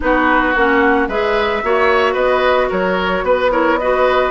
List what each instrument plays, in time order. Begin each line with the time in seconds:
0.00 bassoon B3, clarinet D#4, oboe F#4, flute B4
0.54 bassoon A#3, clarinet C#4, flute F#5
1.08 bassoon G#3, clarinet G#4, oboe B4, flute E5
1.63 bassoon A#3, clarinet F#4, oboe C#5
2.13 bassoon B3, oboe B4, flute D#5
2.69 bassoon F#3, oboe A#4, flute C#5
3.23 bassoon B3, flute B4, oboe B4
3.51 clarinet E4, oboe A#4, flute C#5
3.78 clarinet F#4, oboe B4, flute D#5